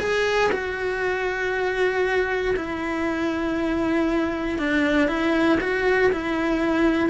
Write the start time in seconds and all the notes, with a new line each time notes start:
0.00 G#4
0.52 F#4
2.57 E4
4.59 D4
5.08 E4
5.61 F#4
6.12 E4